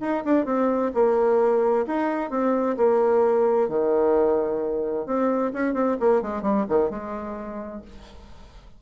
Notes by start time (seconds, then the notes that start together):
0.00 D#4
0.24 D4
0.45 C4
0.94 A#3
1.87 D#4
2.30 C4
2.77 A#3
3.68 D#3
5.06 C4
5.53 C#4
5.74 C4
5.99 A#3
6.21 G#3
6.42 G3
6.68 D#3
6.90 G#3